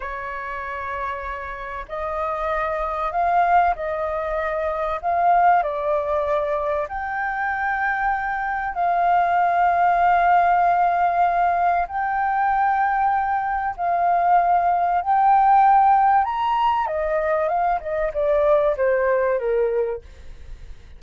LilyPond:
\new Staff \with { instrumentName = "flute" } { \time 4/4 \tempo 4 = 96 cis''2. dis''4~ | dis''4 f''4 dis''2 | f''4 d''2 g''4~ | g''2 f''2~ |
f''2. g''4~ | g''2 f''2 | g''2 ais''4 dis''4 | f''8 dis''8 d''4 c''4 ais'4 | }